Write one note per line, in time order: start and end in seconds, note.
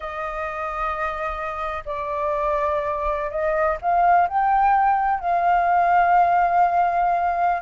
0.00 1.83 D#5
1.85 3.30 D5
3.30 3.77 D#5
3.81 4.28 F5
4.28 5.19 G5
5.19 7.62 F5